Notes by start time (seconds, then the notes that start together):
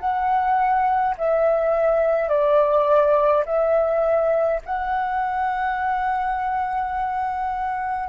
0.00 F#5
1.17 E5
2.29 D5
3.46 E5
4.66 F#5